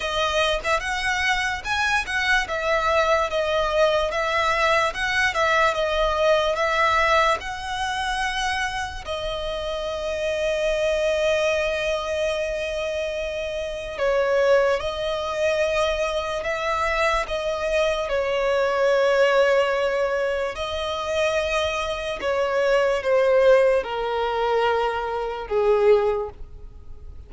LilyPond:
\new Staff \with { instrumentName = "violin" } { \time 4/4 \tempo 4 = 73 dis''8. e''16 fis''4 gis''8 fis''8 e''4 | dis''4 e''4 fis''8 e''8 dis''4 | e''4 fis''2 dis''4~ | dis''1~ |
dis''4 cis''4 dis''2 | e''4 dis''4 cis''2~ | cis''4 dis''2 cis''4 | c''4 ais'2 gis'4 | }